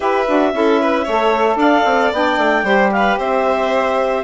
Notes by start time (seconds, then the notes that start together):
0.00 E4 G4 B4 E5
0.27 D4 F#4
0.52 C#4 E4 A4
0.81 B4
1.03 A3 A4 C#5
1.55 D4 D5 F5
1.84 C4
2.12 B3 D4 G5
2.37 A3
2.63 G3 G4 C5
2.91 B4 F5
3.18 C4 C5 E5